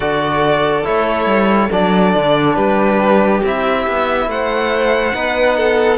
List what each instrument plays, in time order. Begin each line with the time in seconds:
0.00 cello D3, trombone F#4, violin A4 D5
0.84 cello A3, trombone E4, violin C#5
1.26 cello G3
1.71 cello F#3, trombone D4, violin D5
2.15 cello D3
2.54 cello G3, violin G4 B4
3.43 cello C4, trombone E4, violin E5
3.87 cello B3
4.26 cello A3, violin C5 F#5
5.13 cello B3, trombone D#4, violin B4
5.56 violin A4